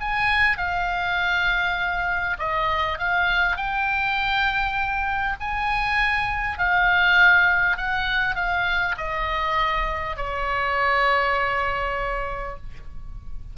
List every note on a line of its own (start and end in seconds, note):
0.00 0.57 G#5
0.57 2.37 F5
2.38 2.98 D#5
2.98 3.56 F5
3.56 5.36 G5
5.40 6.58 G#5
6.58 7.76 F5
7.76 8.35 F#5
8.35 8.95 F5
8.97 10.16 D#5
10.16 12.56 C#5